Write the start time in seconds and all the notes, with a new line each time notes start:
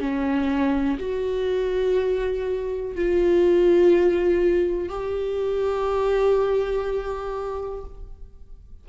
0.00 C#4
0.99 F#4
2.96 F4
4.89 G4